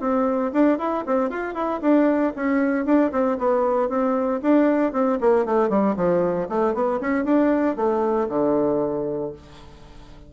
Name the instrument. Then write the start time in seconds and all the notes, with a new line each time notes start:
bassoon
0.00 C4
0.53 D4
0.78 E4
1.06 C4
1.30 F4
1.54 E4
1.81 D4
2.36 C#4
2.85 D4
3.12 C4
3.38 B3
3.89 C4
4.42 D4
4.93 C4
5.20 A#3
5.45 A3
5.69 G3
5.96 F3
6.49 A3
6.74 B3
7.01 C#4
7.24 D4
7.76 A3
8.29 D3